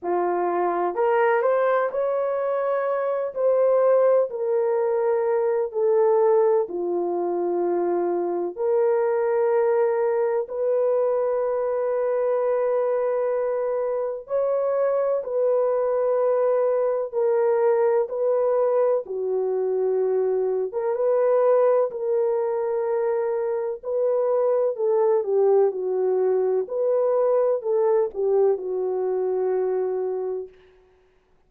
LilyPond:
\new Staff \with { instrumentName = "horn" } { \time 4/4 \tempo 4 = 63 f'4 ais'8 c''8 cis''4. c''8~ | c''8 ais'4. a'4 f'4~ | f'4 ais'2 b'4~ | b'2. cis''4 |
b'2 ais'4 b'4 | fis'4.~ fis'16 ais'16 b'4 ais'4~ | ais'4 b'4 a'8 g'8 fis'4 | b'4 a'8 g'8 fis'2 | }